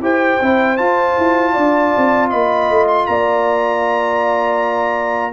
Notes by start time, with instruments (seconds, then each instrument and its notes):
0.00 tuba E4, trombone G4, horn C5, trumpet G5
0.41 tuba C4, trombone E4
0.77 trombone F4, tuba F4, trumpet A5
1.18 tuba E4
1.53 tuba D4, horn D5
1.97 tuba C4
2.30 tuba A#3, horn D#5, trumpet B5
2.69 tuba A3
2.87 trumpet C6
3.06 tuba A#3, horn D5, trumpet A#5